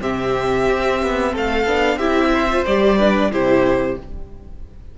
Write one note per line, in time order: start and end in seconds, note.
0.00 0.67 C3
0.00 1.65 C4
0.00 1.32 G4
0.00 1.34 E5
0.69 1.02 C4
1.02 1.35 B3
1.32 1.66 A3
1.32 1.97 A4
1.32 1.98 F5
1.66 1.96 B3
1.66 1.99 D4
1.96 2.62 C4
1.96 2.48 E4
1.96 2.30 G4
1.96 2.64 E5
2.33 2.98 C5
2.50 2.66 F4
2.65 3.31 G3
2.65 2.99 G4
2.65 3.31 D5
2.98 3.31 D4
2.98 3.30 B4
3.31 3.97 C3
3.31 3.97 E4
3.31 3.97 G4
3.31 3.98 C5